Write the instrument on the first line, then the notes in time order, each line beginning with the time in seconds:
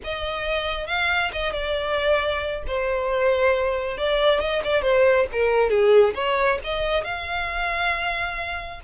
violin
0.03 D#5
0.87 F5
1.32 D#5
1.52 D5
2.67 C5
3.97 D5
4.40 D#5
4.63 D5
4.82 C5
5.32 A#4
5.70 G#4
6.14 C#5
6.63 D#5
7.04 F5